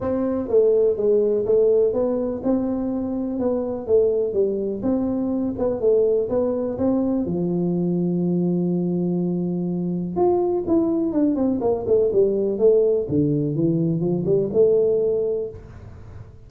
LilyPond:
\new Staff \with { instrumentName = "tuba" } { \time 4/4 \tempo 4 = 124 c'4 a4 gis4 a4 | b4 c'2 b4 | a4 g4 c'4. b8 | a4 b4 c'4 f4~ |
f1~ | f4 f'4 e'4 d'8 c'8 | ais8 a8 g4 a4 d4 | e4 f8 g8 a2 | }